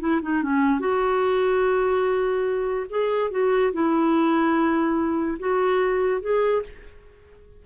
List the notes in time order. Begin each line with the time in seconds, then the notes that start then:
0.00 E4
0.22 D#4
0.43 C#4
0.80 F#4
2.90 G#4
3.31 F#4
3.73 E4
5.39 F#4
6.21 G#4